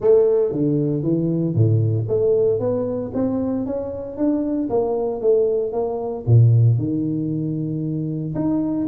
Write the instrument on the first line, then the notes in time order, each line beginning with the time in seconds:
tuba
0.00 A3
0.51 D3
1.02 E3
1.54 A2
2.08 A3
2.59 B3
3.14 C4
3.65 C#4
4.17 D4
4.69 A#3
5.21 A3
5.72 A#3
6.26 A#2
6.78 D#3
8.35 D#4